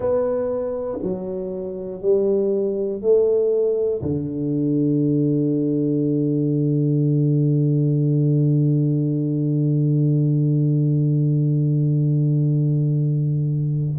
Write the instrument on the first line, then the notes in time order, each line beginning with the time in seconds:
tuba
0.00 B3
1.02 F#3
2.01 G3
3.01 A3
4.01 D3